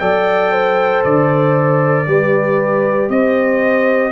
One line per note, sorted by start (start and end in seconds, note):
0.00 1.05 F#3
0.00 2.07 A4
0.00 0.52 D5
0.00 1.03 G5
0.52 2.08 C5
1.04 2.08 D3
1.04 3.10 D5
2.08 3.09 G3
2.08 4.12 G4
2.08 3.12 B4
3.09 4.12 C4
3.09 4.12 C5
3.09 4.12 D#5